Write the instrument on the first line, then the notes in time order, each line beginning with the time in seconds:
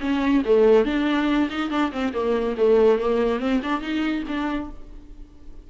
viola
0.00 C#4
0.45 A3
0.85 D4
1.50 D#4
1.70 D4
1.92 C4
2.13 A#3
2.57 A3
2.99 A#3
3.40 C4
3.63 D4
3.81 D#4
4.28 D4